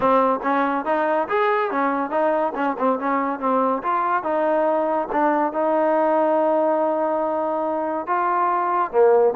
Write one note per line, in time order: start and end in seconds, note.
0.00 0.39 C4
0.43 0.85 C#4
0.85 1.27 D#4
1.28 1.70 G#4
1.70 2.10 C#4
2.10 2.52 D#4
2.55 2.76 C#4
2.78 2.99 C4
2.99 3.39 C#4
3.39 3.82 C4
3.82 4.23 F4
4.23 5.08 D#4
5.12 5.53 D4
5.53 8.07 D#4
8.07 8.91 F4
8.91 9.34 A#3